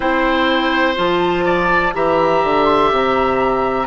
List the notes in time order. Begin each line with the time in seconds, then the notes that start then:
0.00 C4 E4 C5 G5
0.95 F3 F4 A5
1.45 D5
1.93 E3 G4 E5 A#5
2.43 D3
2.65 C6
2.91 C3 A#5